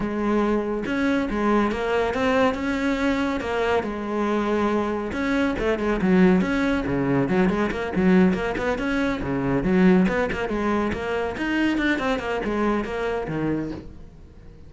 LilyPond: \new Staff \with { instrumentName = "cello" } { \time 4/4 \tempo 4 = 140 gis2 cis'4 gis4 | ais4 c'4 cis'2 | ais4 gis2. | cis'4 a8 gis8 fis4 cis'4 |
cis4 fis8 gis8 ais8 fis4 ais8 | b8 cis'4 cis4 fis4 b8 | ais8 gis4 ais4 dis'4 d'8 | c'8 ais8 gis4 ais4 dis4 | }